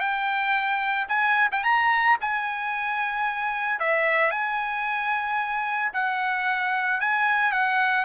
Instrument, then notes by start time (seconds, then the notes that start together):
trumpet
0.00 G5
1.08 G#5
1.51 G5
1.64 A#5
2.21 G#5
3.80 E5
4.31 G#5
5.93 F#5
7.01 G#5
7.52 F#5